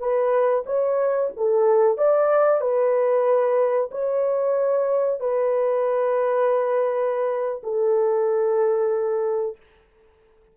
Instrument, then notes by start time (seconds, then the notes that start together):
horn
0.00 B4
0.67 C#5
1.37 A4
1.98 D5
2.62 B4
3.92 C#5
5.20 B4
7.64 A4